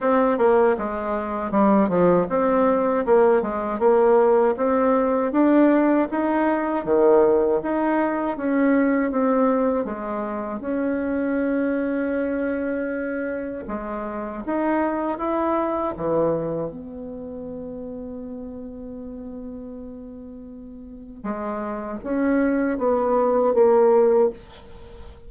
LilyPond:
\new Staff \with { instrumentName = "bassoon" } { \time 4/4 \tempo 4 = 79 c'8 ais8 gis4 g8 f8 c'4 | ais8 gis8 ais4 c'4 d'4 | dis'4 dis4 dis'4 cis'4 | c'4 gis4 cis'2~ |
cis'2 gis4 dis'4 | e'4 e4 b2~ | b1 | gis4 cis'4 b4 ais4 | }